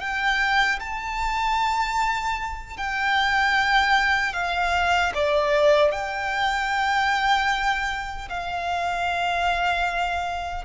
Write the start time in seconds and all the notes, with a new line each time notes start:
0.00 G5
0.80 A5
2.77 G5
4.33 F5
5.14 D5
5.91 G5
8.29 F5